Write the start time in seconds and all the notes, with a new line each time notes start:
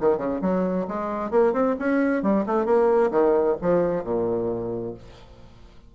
0.00 D#3
0.17 C#3
0.42 F#3
0.88 G#3
1.31 A#3
1.53 C4
1.79 C#4
2.23 G3
2.46 A3
2.65 A#3
3.11 D#3
3.61 F3
4.04 A#2